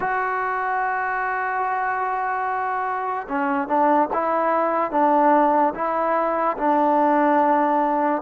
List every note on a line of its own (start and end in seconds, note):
0.00 3.27 F#4
3.28 3.68 C#4
3.68 4.09 D4
4.13 4.91 E4
4.91 5.73 D4
5.74 6.56 E4
6.57 8.22 D4